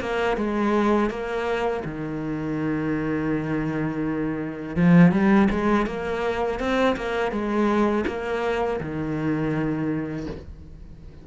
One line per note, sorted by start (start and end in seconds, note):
0.00 0.37 A#3
0.37 1.10 G#3
1.10 1.83 A#3
1.85 4.76 D#3
4.76 5.12 F3
5.12 5.48 G3
5.50 5.86 G#3
5.86 6.60 A#3
6.60 6.96 C4
6.96 7.31 A#3
7.31 8.05 G#3
8.07 8.80 A#3
8.80 10.26 D#3